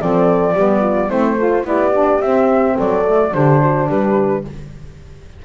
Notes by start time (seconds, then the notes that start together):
0.00 F3 C4 A4 D5
0.54 G3 B3 G4
0.81 F4
1.09 A3 C4 E4 C5
1.39 F4 A4
1.64 B3 E4 G4 D5
1.93 D4
2.21 C4 E5
2.76 F#3 A4 D5
3.05 A3
3.33 D3 D4 G4 C5
3.62 F#4
3.88 G3 G4 B4